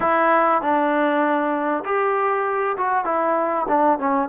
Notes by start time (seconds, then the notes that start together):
0.00 E4
0.61 D4
1.84 G4
2.77 F#4
3.04 E4
3.68 D4
3.98 C#4